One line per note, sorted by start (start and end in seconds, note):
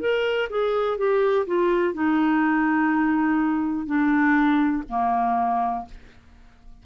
0.00 0.48 A#4
0.50 0.98 G#4
0.98 1.46 G4
1.46 1.94 F4
1.94 3.86 D#4
3.86 4.83 D4
4.89 5.85 A#3